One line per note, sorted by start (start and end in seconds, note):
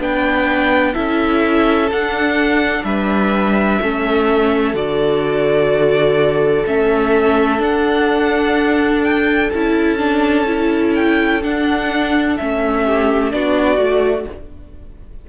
0.00 0.95 B3
0.00 0.93 D4
0.00 0.94 B4
0.00 0.95 G5
0.93 1.92 C#4
0.93 1.89 E4
0.93 2.84 A4
0.93 1.90 E5
1.92 2.84 D4
1.92 3.83 D4
1.92 2.84 F#5
2.84 3.80 G3
2.84 3.82 B4
2.84 4.75 E5
3.82 4.74 A3
3.82 4.74 C#4
3.82 12.86 A4
4.74 6.64 D3
4.74 6.65 F#4
4.74 6.66 D5
6.66 7.60 A3
6.66 7.59 C#4
6.66 7.62 E5
7.59 9.49 D4
7.59 9.50 D4
7.59 9.04 F#5
9.04 9.51 G5
9.51 11.44 C#4
9.51 9.98 E4
9.51 10.93 A5
9.98 10.46 D4
10.46 11.42 E4
10.96 11.43 G5
11.43 12.38 D4
11.43 12.39 D4
11.43 12.38 F#5
12.38 13.34 A3
12.38 13.32 C#4
12.38 13.32 E5
12.86 13.33 G4
13.32 13.78 B3
13.32 13.77 D4
13.32 14.30 F#4
13.32 14.27 D5
13.77 14.26 A3
13.77 14.25 F#4